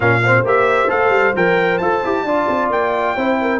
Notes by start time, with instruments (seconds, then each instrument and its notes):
0.00 tuba A#2, trombone C#4, horn A#4, trumpet F5
0.23 trombone C4, horn C5
0.43 tuba A#3, trombone G4, trumpet E5
0.88 tuba A3, trombone A4, trumpet F5
1.09 tuba G3
1.35 tuba F3, trombone A#4, trumpet G5
1.78 tuba F4, trombone A4, trumpet A5
2.04 tuba E4, trombone G4
2.23 tuba D4, trombone F4, horn D5
2.47 tuba C4
2.69 tuba A#3, trumpet G5
3.15 tuba C4, trombone E4, horn C5
3.41 horn A#4